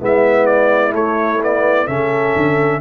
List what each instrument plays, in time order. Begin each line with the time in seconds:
0.00 tuba G#3, trombone B3, horn E4, trumpet E5
0.46 trumpet D5
0.91 trombone A3, tuba A3, trumpet C#5
1.42 trombone B3, trumpet D5
1.88 tuba C#3, trombone C#4, horn A4, trumpet E5
2.36 tuba D3